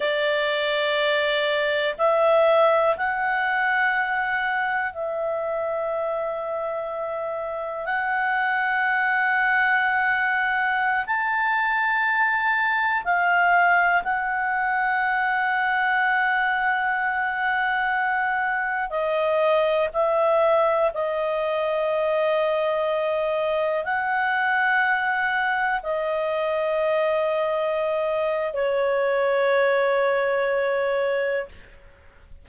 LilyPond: \new Staff \with { instrumentName = "clarinet" } { \time 4/4 \tempo 4 = 61 d''2 e''4 fis''4~ | fis''4 e''2. | fis''2.~ fis''16 a''8.~ | a''4~ a''16 f''4 fis''4.~ fis''16~ |
fis''2.~ fis''16 dis''8.~ | dis''16 e''4 dis''2~ dis''8.~ | dis''16 fis''2 dis''4.~ dis''16~ | dis''4 cis''2. | }